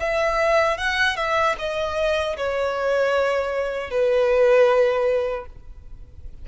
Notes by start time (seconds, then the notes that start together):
0.00 E5
0.78 F#5
1.17 E5
1.58 D#5
2.37 C#5
3.90 B4